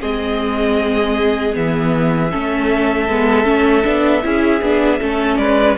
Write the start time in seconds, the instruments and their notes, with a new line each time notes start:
0.00 cello G#3, viola C4, violin G#4 D#5
1.53 cello E3, viola B3, violin E5
2.31 cello A3, viola C#4, violin A4
3.08 cello G#3, viola B3
3.44 cello A3, viola C#4
3.84 cello B3, viola D4
4.23 cello C#4, viola E4, violin G#4
4.61 cello B3, viola D4
5.00 cello A3, viola C#4, violin A4
5.37 cello G#3, violin B4 D5